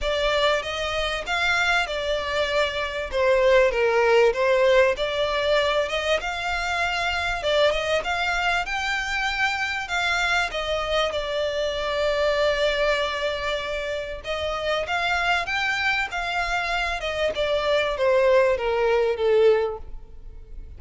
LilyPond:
\new Staff \with { instrumentName = "violin" } { \time 4/4 \tempo 4 = 97 d''4 dis''4 f''4 d''4~ | d''4 c''4 ais'4 c''4 | d''4. dis''8 f''2 | d''8 dis''8 f''4 g''2 |
f''4 dis''4 d''2~ | d''2. dis''4 | f''4 g''4 f''4. dis''8 | d''4 c''4 ais'4 a'4 | }